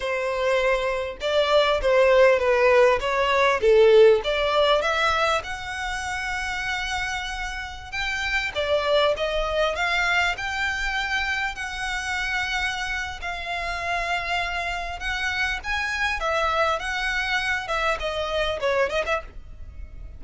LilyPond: \new Staff \with { instrumentName = "violin" } { \time 4/4 \tempo 4 = 100 c''2 d''4 c''4 | b'4 cis''4 a'4 d''4 | e''4 fis''2.~ | fis''4~ fis''16 g''4 d''4 dis''8.~ |
dis''16 f''4 g''2 fis''8.~ | fis''2 f''2~ | f''4 fis''4 gis''4 e''4 | fis''4. e''8 dis''4 cis''8 dis''16 e''16 | }